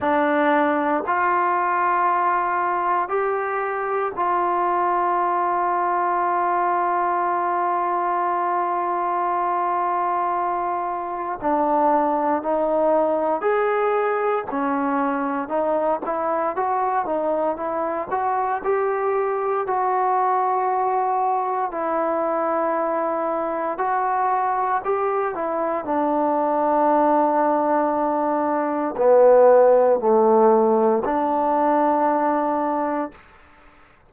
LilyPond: \new Staff \with { instrumentName = "trombone" } { \time 4/4 \tempo 4 = 58 d'4 f'2 g'4 | f'1~ | f'2. d'4 | dis'4 gis'4 cis'4 dis'8 e'8 |
fis'8 dis'8 e'8 fis'8 g'4 fis'4~ | fis'4 e'2 fis'4 | g'8 e'8 d'2. | b4 a4 d'2 | }